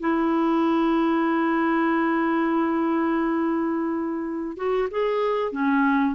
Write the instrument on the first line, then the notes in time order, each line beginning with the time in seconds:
clarinet
0.00 E4
4.57 F#4
4.91 G#4
5.52 C#4